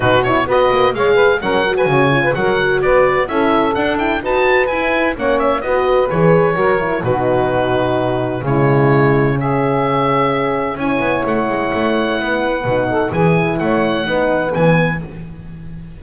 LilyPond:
<<
  \new Staff \with { instrumentName = "oboe" } { \time 4/4 \tempo 4 = 128 b'8 cis''8 dis''4 f''4 fis''8. gis''16~ | gis''4 fis''4 d''4 e''4 | fis''8 g''8 a''4 gis''4 fis''8 e''8 | dis''4 cis''2 b'4~ |
b'2 cis''2 | e''2. gis''4 | fis''1 | gis''4 fis''2 gis''4 | }
  \new Staff \with { instrumentName = "saxophone" } { \time 4/4 fis'4 b'4 cis''8 b'8 ais'8. b'16 | cis''8. b'16 ais'4 b'4 a'4~ | a'4 b'2 cis''4 | b'2 ais'4 fis'4~ |
fis'2 e'2 | gis'2. cis''4~ | cis''2 b'4. a'8 | gis'4 cis''4 b'2 | }
  \new Staff \with { instrumentName = "horn" } { \time 4/4 dis'8 e'8 fis'4 gis'4 cis'8 fis'8~ | fis'8 f'8 fis'2 e'4 | d'8 e'8 fis'4 e'4 cis'4 | fis'4 gis'4 fis'8 e'8 dis'4~ |
dis'2 gis2 | cis'2. e'4~ | e'2. dis'4 | e'2 dis'4 b4 | }
  \new Staff \with { instrumentName = "double bass" } { \time 4/4 b,4 b8 ais8 gis4 fis4 | cis4 fis4 b4 cis'4 | d'4 dis'4 e'4 ais4 | b4 e4 fis4 b,4~ |
b,2 cis2~ | cis2. cis'8 b8 | a8 gis8 a4 b4 b,4 | e4 a4 b4 e4 | }
>>